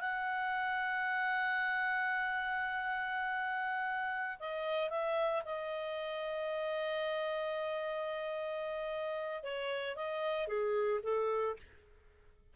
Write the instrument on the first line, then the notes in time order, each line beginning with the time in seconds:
clarinet
0.00 F#5
4.39 D#5
4.90 E5
5.45 D#5
9.43 C#5
9.96 D#5
10.47 G#4
11.03 A4